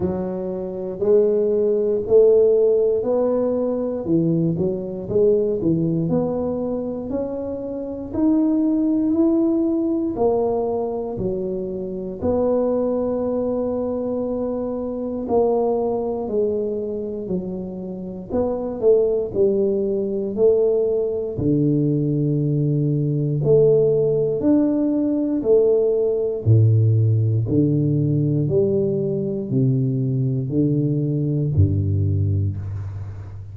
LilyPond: \new Staff \with { instrumentName = "tuba" } { \time 4/4 \tempo 4 = 59 fis4 gis4 a4 b4 | e8 fis8 gis8 e8 b4 cis'4 | dis'4 e'4 ais4 fis4 | b2. ais4 |
gis4 fis4 b8 a8 g4 | a4 d2 a4 | d'4 a4 a,4 d4 | g4 c4 d4 g,4 | }